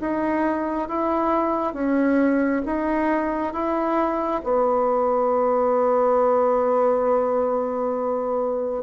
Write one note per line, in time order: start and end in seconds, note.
0.00 0.88 D#4
0.88 1.74 E4
1.74 2.62 C#4
2.66 3.53 D#4
3.53 4.42 E4
4.44 8.83 B3